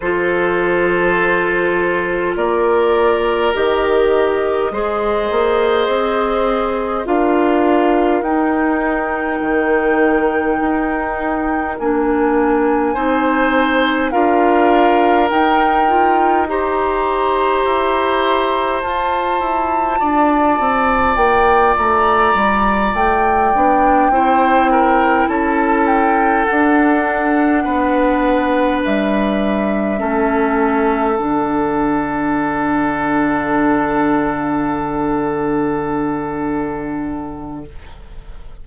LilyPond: <<
  \new Staff \with { instrumentName = "flute" } { \time 4/4 \tempo 4 = 51 c''2 d''4 dis''4~ | dis''2 f''4 g''4~ | g''2 gis''2 | f''4 g''4 ais''2 |
a''2 g''8 ais''4 g''8~ | g''4. a''8 g''8 fis''4.~ | fis''8 e''2 fis''4.~ | fis''1 | }
  \new Staff \with { instrumentName = "oboe" } { \time 4/4 a'2 ais'2 | c''2 ais'2~ | ais'2. c''4 | ais'2 c''2~ |
c''4 d''2.~ | d''8 c''8 ais'8 a'2 b'8~ | b'4. a'2~ a'8~ | a'1 | }
  \new Staff \with { instrumentName = "clarinet" } { \time 4/4 f'2. g'4 | gis'2 f'4 dis'4~ | dis'2 d'4 dis'4 | f'4 dis'8 f'8 g'2 |
f'1 | d'8 e'2 d'4.~ | d'4. cis'4 d'4.~ | d'1 | }
  \new Staff \with { instrumentName = "bassoon" } { \time 4/4 f2 ais4 dis4 | gis8 ais8 c'4 d'4 dis'4 | dis4 dis'4 ais4 c'4 | d'4 dis'2 e'4 |
f'8 e'8 d'8 c'8 ais8 a8 g8 a8 | b8 c'4 cis'4 d'4 b8~ | b8 g4 a4 d4.~ | d1 | }
>>